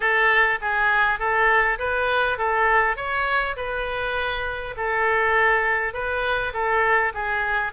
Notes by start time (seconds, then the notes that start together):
0.00 A4
0.61 G#4
1.19 A4
1.78 B4
2.38 A4
2.96 C#5
3.56 B4
4.76 A4
5.93 B4
6.53 A4
7.14 G#4